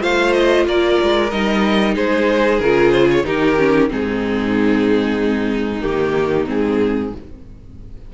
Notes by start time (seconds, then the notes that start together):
0.00 A3 F4 C5 F5
0.33 D#5
0.66 A#3 A#4 D5
1.03 G#3
1.30 G3 D#4 D#5
1.94 G#3 G#4 C5
2.59 C#3 F4 A#4
2.91 C5
3.10 C#5
3.24 D#3 D#4 G4 A#4
3.58 C#4
3.89 G#2 C4 D#4 G#4
5.81 D#3 A#3 G4
6.46 G#2 C4 G#4